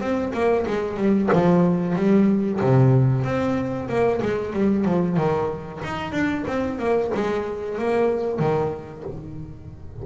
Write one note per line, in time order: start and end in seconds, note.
0.00 0.32 C4
0.33 0.65 A#3
0.67 0.97 G#3
0.97 1.29 G3
1.32 1.95 F3
1.95 2.60 G3
2.61 3.24 C3
3.24 3.88 C4
3.89 4.21 A#3
4.22 4.53 G#3
4.53 4.84 G3
4.84 5.16 F3
5.16 5.81 D#3
5.83 6.12 D#4
6.12 6.44 D4
6.47 6.79 C4
6.79 7.11 A#3
7.14 7.78 G#3
7.78 8.39 A#3
8.39 9.04 D#3